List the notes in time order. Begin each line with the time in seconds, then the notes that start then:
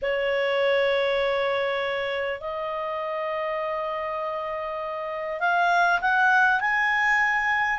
0.02 C#5
2.40 D#5
5.40 F5
6.01 F#5
6.60 G#5